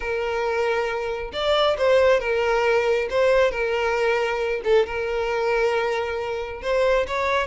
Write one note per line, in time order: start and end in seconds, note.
0.00 1.31 A#4
1.32 1.76 D5
1.78 2.20 C5
2.20 3.08 A#4
3.10 3.51 C5
3.51 4.61 A#4
4.64 4.86 A4
4.86 6.62 A#4
6.62 7.06 C5
7.07 7.46 C#5